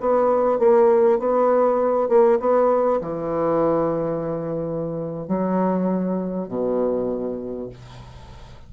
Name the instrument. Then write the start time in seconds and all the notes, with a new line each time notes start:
bassoon
0.00 B3
0.59 A#3
1.19 B3
2.08 A#3
2.40 B3
3.01 E3
5.27 F#3
6.48 B2